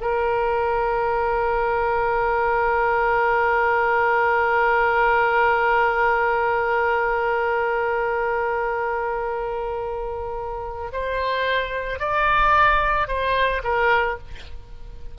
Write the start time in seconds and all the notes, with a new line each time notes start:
0.00 A#4
10.92 C5
11.99 D5
13.08 C5
13.63 A#4